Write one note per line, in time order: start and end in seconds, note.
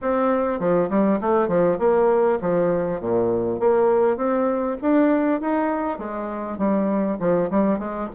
0.01 0.59 C4
0.59 0.89 F3
0.89 1.19 G3
1.20 1.48 A3
1.48 1.78 F3
1.78 2.38 A#3
2.41 3.00 F3
3.00 3.59 A#2
3.59 4.16 A#3
4.16 4.76 C4
4.81 5.40 D4
5.40 5.98 D#4
5.98 6.58 G#3
6.58 7.18 G3
7.19 7.49 F3
7.50 7.78 G3
7.78 8.08 G#3